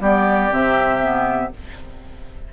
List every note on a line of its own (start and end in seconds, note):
0.00 0.50 G3
0.00 0.51 B3
0.00 1.52 G4
0.00 0.53 D5
0.51 1.52 C3
0.51 1.01 C4
0.51 1.53 E5
1.01 1.51 B3